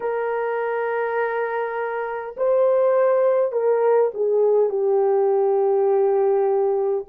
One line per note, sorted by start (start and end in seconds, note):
0.00 2.35 A#4
2.36 3.52 C5
3.52 4.11 A#4
4.14 4.70 G#4
4.70 7.05 G4